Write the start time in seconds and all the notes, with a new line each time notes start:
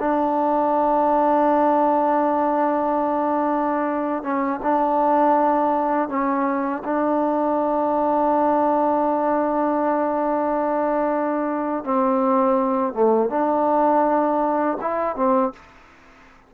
0.00 D4
4.23 C#4
4.63 D4
6.09 C#4
6.85 D4
11.85 C4
12.94 A3
13.30 D4
14.81 E4
15.16 C4